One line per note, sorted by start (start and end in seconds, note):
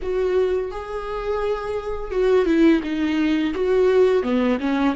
0.02 0.71 F#4
0.71 2.11 G#4
2.11 2.45 F#4
2.45 2.80 E4
2.83 3.53 D#4
3.54 4.22 F#4
4.22 4.58 B3
4.60 4.95 C#4